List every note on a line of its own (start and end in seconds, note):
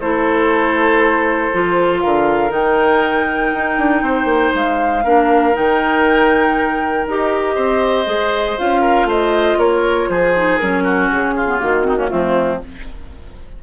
0.00 1.51 A3
0.00 1.53 E4
0.00 2.02 A4
0.00 2.00 C5
1.53 2.04 F3
1.53 2.49 F4
2.00 2.51 D3
2.00 4.03 A#4
2.00 2.51 F5
2.49 3.51 D#3
2.49 5.01 D#4
2.49 4.54 G5
3.53 3.78 D#4
3.78 4.01 D4
4.01 4.24 C4
4.01 5.03 C5
4.24 4.49 A#3
4.54 5.04 G#3
4.54 5.55 F5
5.03 5.55 A#3
5.03 5.53 D4
5.03 7.55 A#4
5.53 7.06 D#3
5.53 7.05 D#4
5.53 7.06 G5
7.06 7.56 D#4
7.06 8.05 G4
7.06 8.58 D#5
7.55 8.06 C4
7.55 8.81 C5
8.05 8.56 G#3
8.05 8.56 G#4
8.58 9.04 C#4
8.58 10.34 F4
8.58 9.08 F5
8.81 9.06 A#4
9.04 9.55 A3
9.04 9.58 C5
9.04 9.59 D#5
9.57 10.08 A#3
9.57 10.08 A#4
9.57 10.09 C#5
10.09 10.59 F3
10.09 10.83 G#4
10.09 10.57 C5
10.35 10.60 D#4
10.57 11.11 F#3
10.57 11.45 C#4
10.57 11.08 A#4
10.83 11.34 F#4
11.11 11.61 C#3
11.11 11.59 G#4
11.36 11.86 F4
11.45 11.58 B3
11.58 12.11 D#3
11.58 11.83 A#3
11.58 12.08 F#4
11.83 11.96 C4
11.83 11.96 D#4
11.96 12.08 A#3
11.96 12.09 C#4
12.08 12.62 F3
12.08 12.59 A3
12.08 12.61 C4
12.08 12.58 F4